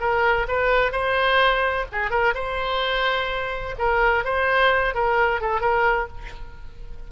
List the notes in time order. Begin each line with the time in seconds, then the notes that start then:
0.00 A#4
0.48 B4
0.92 C5
1.92 G#4
2.11 A#4
2.35 C5
3.79 A#4
4.24 C5
4.95 A#4
5.41 A4
5.61 A#4